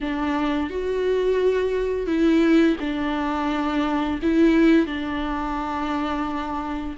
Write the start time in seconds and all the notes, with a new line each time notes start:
0.01 D4
0.70 F#4
2.06 E4
2.79 D4
4.22 E4
4.86 D4